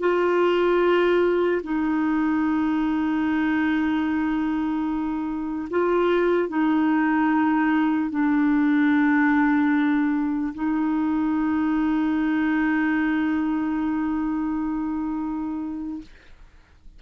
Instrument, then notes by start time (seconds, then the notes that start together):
clarinet
0.00 F4
1.64 D#4
5.71 F4
6.49 D#4
8.10 D4
10.55 D#4